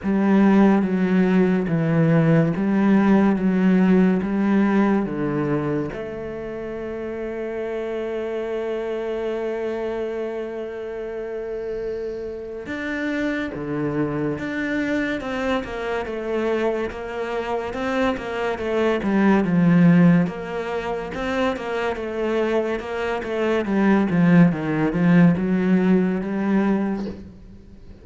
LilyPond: \new Staff \with { instrumentName = "cello" } { \time 4/4 \tempo 4 = 71 g4 fis4 e4 g4 | fis4 g4 d4 a4~ | a1~ | a2. d'4 |
d4 d'4 c'8 ais8 a4 | ais4 c'8 ais8 a8 g8 f4 | ais4 c'8 ais8 a4 ais8 a8 | g8 f8 dis8 f8 fis4 g4 | }